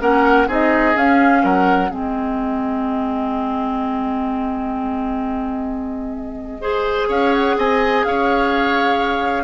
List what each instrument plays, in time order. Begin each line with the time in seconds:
0.00 bassoon A#3, clarinet C#4, oboe A#4, flute F#5
0.47 bassoon C4, clarinet D#4, oboe G#4, flute D#5
0.94 clarinet C#4, bassoon C#4, flute F5
1.44 bassoon F#3, oboe A#4, flute F#5
1.89 bassoon G#3, clarinet C4, oboe G#4, flute D#5
6.61 clarinet G#4, oboe C5
7.08 bassoon C#4, oboe C#5, flute F5
7.34 flute F#5
7.58 bassoon C4, oboe D#5, flute G#5
8.04 bassoon C#4, oboe C#5, flute F5